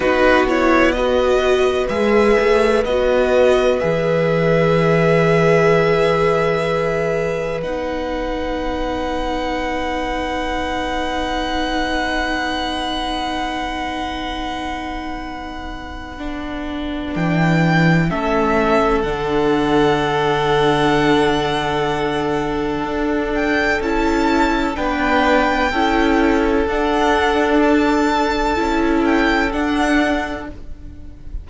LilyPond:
<<
  \new Staff \with { instrumentName = "violin" } { \time 4/4 \tempo 4 = 63 b'8 cis''8 dis''4 e''4 dis''4 | e''1 | fis''1~ | fis''1~ |
fis''2 g''4 e''4 | fis''1~ | fis''8 g''8 a''4 g''2 | fis''4 a''4. g''8 fis''4 | }
  \new Staff \with { instrumentName = "violin" } { \time 4/4 fis'4 b'2.~ | b'1~ | b'1~ | b'1~ |
b'2. a'4~ | a'1~ | a'2 b'4 a'4~ | a'1 | }
  \new Staff \with { instrumentName = "viola" } { \time 4/4 dis'8 e'8 fis'4 gis'4 fis'4 | gis'1 | dis'1~ | dis'1~ |
dis'4 d'2 cis'4 | d'1~ | d'4 e'4 d'4 e'4 | d'2 e'4 d'4 | }
  \new Staff \with { instrumentName = "cello" } { \time 4/4 b2 gis8 a8 b4 | e1 | b1~ | b1~ |
b2 e4 a4 | d1 | d'4 cis'4 b4 cis'4 | d'2 cis'4 d'4 | }
>>